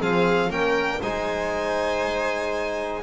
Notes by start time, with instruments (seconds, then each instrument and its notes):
0.00 double bass F3, trombone C4, violin G#4 F5
0.49 double bass A#3, trombone C#4, violin A#4 G5
1.00 double bass G#3, trombone D#4, violin C5 G#5